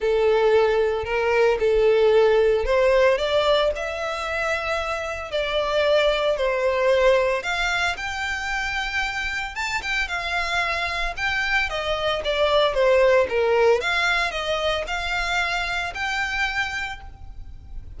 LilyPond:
\new Staff \with { instrumentName = "violin" } { \time 4/4 \tempo 4 = 113 a'2 ais'4 a'4~ | a'4 c''4 d''4 e''4~ | e''2 d''2 | c''2 f''4 g''4~ |
g''2 a''8 g''8 f''4~ | f''4 g''4 dis''4 d''4 | c''4 ais'4 f''4 dis''4 | f''2 g''2 | }